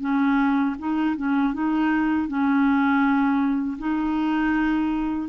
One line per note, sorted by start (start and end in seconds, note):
0.00 0.75 C#4
0.78 1.16 D#4
1.16 1.53 C#4
1.53 2.28 D#4
2.28 3.78 C#4
3.78 5.28 D#4